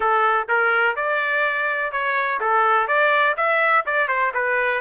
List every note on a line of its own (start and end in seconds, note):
0.00 0.48 A4
0.48 0.96 A#4
0.96 1.92 D5
1.92 2.40 C#5
2.40 2.87 A4
2.87 3.35 D5
3.36 3.84 E5
3.86 4.08 D5
4.08 4.32 C5
4.34 4.81 B4